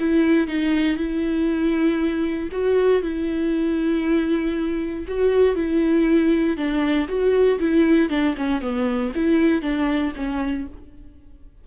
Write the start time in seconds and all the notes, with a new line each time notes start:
0.00 E4
0.48 D#4
0.98 E4
2.52 F#4
3.03 E4
5.08 F#4
5.56 E4
6.58 D4
7.09 F#4
7.60 E4
8.10 D4
8.37 C#4
8.62 B3
9.15 E4
9.62 D4
10.17 C#4